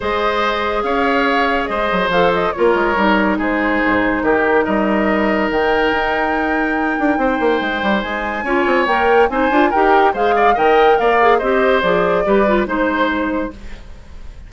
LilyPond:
<<
  \new Staff \with { instrumentName = "flute" } { \time 4/4 \tempo 4 = 142 dis''2 f''2 | dis''4 f''8 dis''8 cis''2 | c''2 ais'4 dis''4~ | dis''4 g''2.~ |
g''2. gis''4~ | gis''4 g''4 gis''4 g''4 | f''4 g''4 f''4 dis''4 | d''2 c''2 | }
  \new Staff \with { instrumentName = "oboe" } { \time 4/4 c''2 cis''2 | c''2 ais'2 | gis'2 g'4 ais'4~ | ais'1~ |
ais'4 c''2. | cis''2 c''4 ais'4 | c''8 d''8 dis''4 d''4 c''4~ | c''4 b'4 c''2 | }
  \new Staff \with { instrumentName = "clarinet" } { \time 4/4 gis'1~ | gis'4 a'4 f'4 dis'4~ | dis'1~ | dis'1~ |
dis'1 | f'4 ais'4 dis'8 f'8 g'4 | gis'4 ais'4. gis'8 g'4 | gis'4 g'8 f'8 dis'2 | }
  \new Staff \with { instrumentName = "bassoon" } { \time 4/4 gis2 cis'2 | gis8 fis8 f4 ais8 gis8 g4 | gis4 gis,4 dis4 g4~ | g4 dis4 dis'2~ |
dis'8 d'8 c'8 ais8 gis8 g8 gis4 | cis'8 c'8 ais4 c'8 d'8 dis'4 | gis4 dis4 ais4 c'4 | f4 g4 gis2 | }
>>